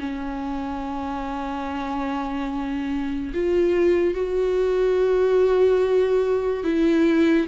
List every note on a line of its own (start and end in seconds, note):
0.00 3.33 C#4
3.34 4.15 F4
4.15 6.64 F#4
6.64 7.48 E4